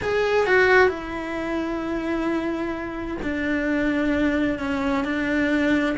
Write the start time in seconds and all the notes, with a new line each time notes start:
0.02 G#4
0.46 F#4
0.88 E4
3.22 D4
4.58 C#4
5.04 D4